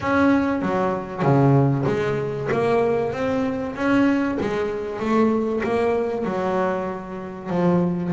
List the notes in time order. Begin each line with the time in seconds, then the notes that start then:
0.00 C#4
0.62 F#3
1.22 C#3
1.86 G#3
2.51 A#3
3.12 C4
3.75 C#4
4.40 G#3
4.99 A3
5.63 A#3
6.24 F#3
7.49 F3